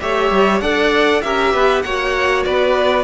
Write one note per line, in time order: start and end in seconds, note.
0.00 0.30 A3
0.00 0.61 G4
0.00 0.62 C#5
0.00 0.60 E5
0.30 0.61 G3
0.60 1.22 D4
0.60 1.22 A4
0.60 1.23 D5
0.60 1.21 F#5
1.21 1.53 C#4
1.21 1.85 G4
1.21 1.53 A#4
1.21 1.82 E5
1.53 1.84 B3
1.53 1.84 B4
1.82 2.46 A#3
1.82 3.04 F#4
1.82 2.46 C#5
1.82 2.43 F#5
2.44 3.04 B3
2.44 3.04 B4
2.44 3.04 D5